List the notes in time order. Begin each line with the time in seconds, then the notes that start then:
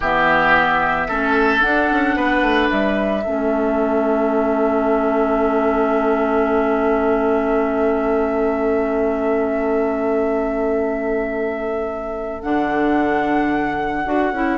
0.00 E3 B3 G4 E5
1.08 A3 C#4 A4
1.60 D4 F#5
1.91 C#4
2.15 B3 B4
2.41 A3
2.70 G3 E5
3.23 A3 C#4 A4
12.42 D3 D4 F#5
14.05 D4 F#4
14.32 C#4 E4